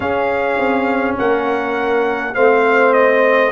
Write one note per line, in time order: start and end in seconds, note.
0.00 0.57 C#4
0.00 2.34 C#4
0.00 1.17 G#4
0.00 1.15 F5
0.57 1.16 C4
1.18 2.35 A#3
1.18 2.34 A#4
1.18 2.34 F#5
2.34 3.51 A3
2.34 3.51 C4
2.34 3.51 C5
2.34 2.93 F5
2.93 3.51 D#5